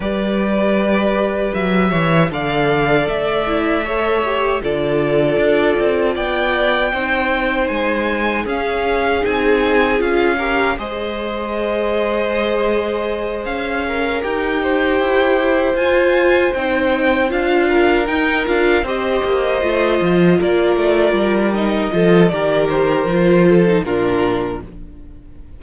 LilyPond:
<<
  \new Staff \with { instrumentName = "violin" } { \time 4/4 \tempo 4 = 78 d''2 e''4 f''4 | e''2 d''2 | g''2 gis''4 f''4 | gis''4 f''4 dis''2~ |
dis''4. f''4 g''4.~ | g''8 gis''4 g''4 f''4 g''8 | f''8 dis''2 d''4. | dis''4 d''8 c''4. ais'4 | }
  \new Staff \with { instrumentName = "violin" } { \time 4/4 b'2~ b'8 cis''8 d''4~ | d''4 cis''4 a'2 | d''4 c''2 gis'4~ | gis'4. ais'8 c''2~ |
c''2 ais'4 c''4~ | c''2. ais'4~ | ais'8 c''2 ais'4.~ | ais'8 a'8 ais'4. a'8 f'4 | }
  \new Staff \with { instrumentName = "viola" } { \time 4/4 g'2. a'4~ | a'8 e'8 a'8 g'8 f'2~ | f'4 dis'2 cis'4 | dis'4 f'8 g'8 gis'2~ |
gis'2~ gis'8 g'4.~ | g'8 f'4 dis'4 f'4 dis'8 | f'8 g'4 f'2~ f'8 | dis'8 f'8 g'4 f'8. dis'16 d'4 | }
  \new Staff \with { instrumentName = "cello" } { \time 4/4 g2 fis8 e8 d4 | a2 d4 d'8 c'8 | b4 c'4 gis4 cis'4 | c'4 cis'4 gis2~ |
gis4. cis'4 dis'4 e'8~ | e'8 f'4 c'4 d'4 dis'8 | d'8 c'8 ais8 a8 f8 ais8 a8 g8~ | g8 f8 dis4 f4 ais,4 | }
>>